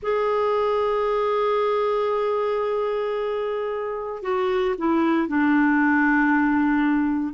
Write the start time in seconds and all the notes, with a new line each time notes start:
0.02 G#4
4.22 F#4
4.78 E4
5.27 D4